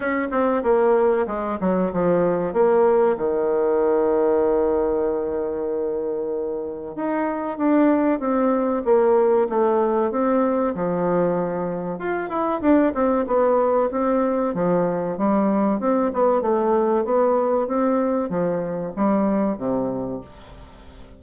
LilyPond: \new Staff \with { instrumentName = "bassoon" } { \time 4/4 \tempo 4 = 95 cis'8 c'8 ais4 gis8 fis8 f4 | ais4 dis2.~ | dis2. dis'4 | d'4 c'4 ais4 a4 |
c'4 f2 f'8 e'8 | d'8 c'8 b4 c'4 f4 | g4 c'8 b8 a4 b4 | c'4 f4 g4 c4 | }